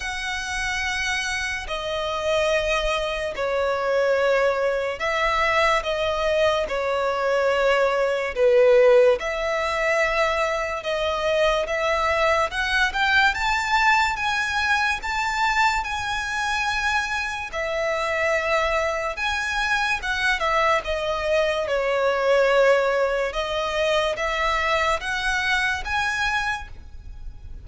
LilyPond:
\new Staff \with { instrumentName = "violin" } { \time 4/4 \tempo 4 = 72 fis''2 dis''2 | cis''2 e''4 dis''4 | cis''2 b'4 e''4~ | e''4 dis''4 e''4 fis''8 g''8 |
a''4 gis''4 a''4 gis''4~ | gis''4 e''2 gis''4 | fis''8 e''8 dis''4 cis''2 | dis''4 e''4 fis''4 gis''4 | }